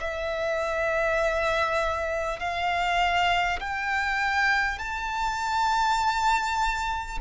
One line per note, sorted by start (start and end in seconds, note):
0.00 2.39 E5
2.39 3.59 F5
3.60 4.79 G5
4.79 7.19 A5